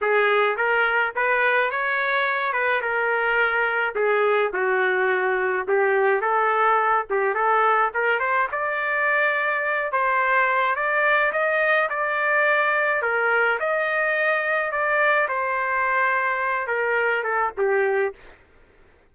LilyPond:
\new Staff \with { instrumentName = "trumpet" } { \time 4/4 \tempo 4 = 106 gis'4 ais'4 b'4 cis''4~ | cis''8 b'8 ais'2 gis'4 | fis'2 g'4 a'4~ | a'8 g'8 a'4 ais'8 c''8 d''4~ |
d''4. c''4. d''4 | dis''4 d''2 ais'4 | dis''2 d''4 c''4~ | c''4. ais'4 a'8 g'4 | }